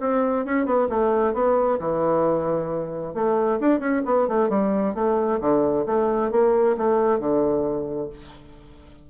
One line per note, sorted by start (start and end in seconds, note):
0.00 0.45 C4
0.45 0.65 C#4
0.65 0.88 B3
0.89 1.34 A3
1.34 1.79 B3
1.79 3.14 E3
3.14 3.59 A3
3.60 3.79 D4
3.79 4.02 C#4
4.05 4.28 B3
4.28 4.49 A3
4.49 4.94 G3
4.94 5.40 A3
5.40 5.85 D3
5.86 6.31 A3
6.31 6.76 A#3
6.77 7.19 A3
7.19 8.09 D3